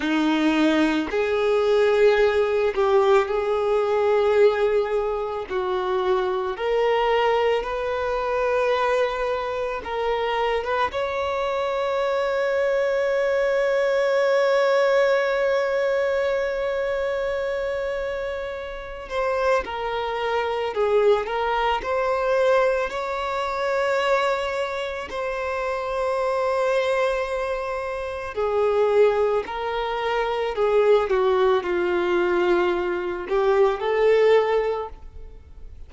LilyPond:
\new Staff \with { instrumentName = "violin" } { \time 4/4 \tempo 4 = 55 dis'4 gis'4. g'8 gis'4~ | gis'4 fis'4 ais'4 b'4~ | b'4 ais'8. b'16 cis''2~ | cis''1~ |
cis''4. c''8 ais'4 gis'8 ais'8 | c''4 cis''2 c''4~ | c''2 gis'4 ais'4 | gis'8 fis'8 f'4. g'8 a'4 | }